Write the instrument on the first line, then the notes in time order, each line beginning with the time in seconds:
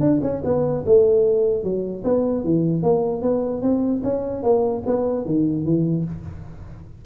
tuba
0.00 D4
0.22 C#4
0.44 B3
0.86 A3
1.63 F#3
2.04 B3
2.44 E3
2.82 A#3
3.22 B3
3.62 C4
4.03 C#4
4.43 A#3
4.86 B3
5.25 D#3
5.64 E3